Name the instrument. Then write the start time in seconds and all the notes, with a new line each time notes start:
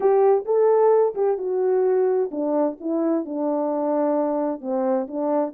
horn
0.00 G4
0.45 A4
1.15 G4
1.38 F#4
2.31 D4
2.80 E4
3.25 D4
4.60 C4
5.07 D4